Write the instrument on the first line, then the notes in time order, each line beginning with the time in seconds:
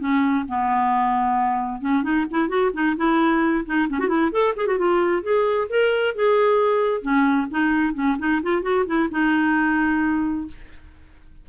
clarinet
0.00 C#4
0.49 B3
1.82 C#4
2.04 D#4
2.31 E4
2.49 F#4
2.74 D#4
2.97 E4
3.66 D#4
3.90 C#4
4.00 F#4
4.09 E4
4.32 A4
4.57 G#4
4.67 F#4
4.79 F4
5.23 G#4
5.70 A#4
6.16 G#4
7.02 C#4
7.51 D#4
7.94 C#4
8.19 D#4
8.43 F4
8.63 F#4
8.87 E4
9.12 D#4